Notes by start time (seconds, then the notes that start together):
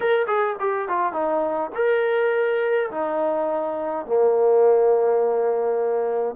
0.00 A#4
0.27 G#4
0.59 G4
0.88 F4
1.12 D#4
1.75 A#4
2.90 D#4
4.06 A#3